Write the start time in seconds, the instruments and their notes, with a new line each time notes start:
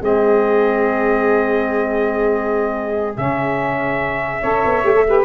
0.00 tuba G#3, saxophone C4, flute G#4, trumpet D#5
3.15 tuba C#3, saxophone C#4, trumpet E5
4.41 tuba C#4, saxophone A4, flute C#5
4.65 tuba B3
4.84 tuba A3, saxophone G4
4.95 saxophone A4
5.07 saxophone G4, flute B4